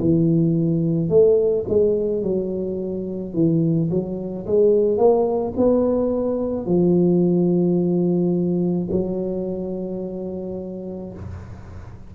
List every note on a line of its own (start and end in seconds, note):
0.00 1.09 E3
1.09 1.64 A3
1.68 2.23 G#3
2.23 3.33 F#3
3.33 3.89 E3
3.90 4.45 F#3
4.46 4.97 G#3
4.97 5.53 A#3
5.56 6.66 B3
6.66 8.88 F3
8.91 11.13 F#3